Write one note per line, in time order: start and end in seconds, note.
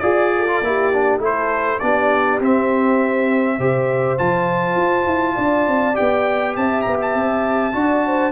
0.00 0.62 F4
0.00 0.47 G#4
0.00 1.19 D5
0.00 0.32 D5
0.37 0.67 A4
0.48 0.62 F4
0.62 1.19 A#3
0.62 0.94 E4
0.62 1.23 G4
0.94 1.20 D4
1.19 1.79 A3
1.19 1.80 E4
1.19 1.82 A4
1.19 1.80 C5
1.80 2.40 B3
1.80 2.42 D4
1.80 3.58 G4
1.80 2.39 D5
2.40 3.59 C4
2.40 3.60 C4
2.40 4.19 E5
3.58 4.19 C3
3.58 4.19 G4
3.58 5.36 C5
4.19 4.77 F3
4.19 5.94 F4
4.19 5.96 A5
4.77 5.06 F4
5.07 5.37 E4
5.36 5.68 D4
5.36 6.54 D5
5.68 5.98 C4
5.94 6.57 B3
5.94 7.73 G4
5.94 6.56 G5
6.57 6.86 C4
6.57 7.77 E5
6.57 6.82 A5
6.82 7.14 B3
6.82 6.97 A#5
7.02 8.32 A5
7.14 7.74 C4
7.73 8.32 D4
7.73 8.32 F#4
7.73 8.07 D5
8.07 8.32 C5